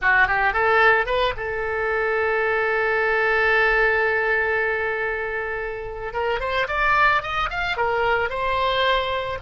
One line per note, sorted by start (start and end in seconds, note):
0.01 0.27 F#4
0.27 0.53 G4
0.53 1.06 A4
1.06 1.33 B4
1.36 6.13 A4
6.13 6.40 A#4
6.40 6.67 C5
6.67 7.22 D5
7.22 7.49 D#5
7.50 7.76 F5
7.76 8.29 A#4
8.29 9.38 C5